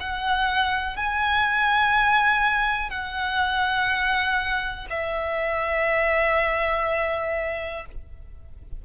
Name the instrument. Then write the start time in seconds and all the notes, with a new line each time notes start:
violin
0.00 F#5
0.97 G#5
2.90 F#5
4.90 E5